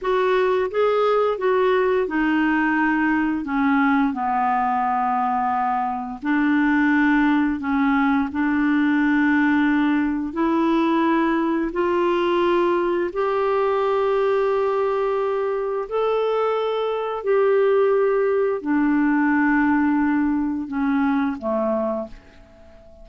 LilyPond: \new Staff \with { instrumentName = "clarinet" } { \time 4/4 \tempo 4 = 87 fis'4 gis'4 fis'4 dis'4~ | dis'4 cis'4 b2~ | b4 d'2 cis'4 | d'2. e'4~ |
e'4 f'2 g'4~ | g'2. a'4~ | a'4 g'2 d'4~ | d'2 cis'4 a4 | }